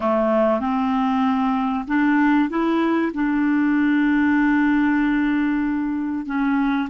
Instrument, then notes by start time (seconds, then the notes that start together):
clarinet
0.00 A3
0.60 C4
1.87 D4
2.49 E4
3.14 D4
6.26 C#4